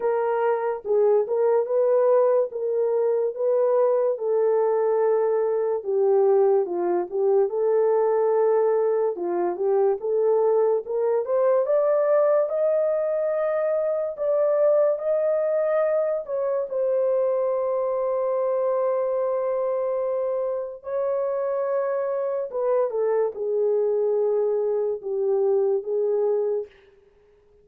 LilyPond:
\new Staff \with { instrumentName = "horn" } { \time 4/4 \tempo 4 = 72 ais'4 gis'8 ais'8 b'4 ais'4 | b'4 a'2 g'4 | f'8 g'8 a'2 f'8 g'8 | a'4 ais'8 c''8 d''4 dis''4~ |
dis''4 d''4 dis''4. cis''8 | c''1~ | c''4 cis''2 b'8 a'8 | gis'2 g'4 gis'4 | }